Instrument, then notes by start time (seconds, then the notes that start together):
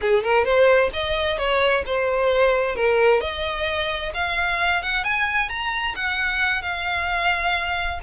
violin
0.01 G#4
0.23 A#4
0.44 C5
0.93 D#5
1.38 C#5
1.85 C5
2.75 A#4
3.20 D#5
4.13 F5
4.82 F#5
5.04 G#5
5.49 A#5
5.95 F#5
6.62 F5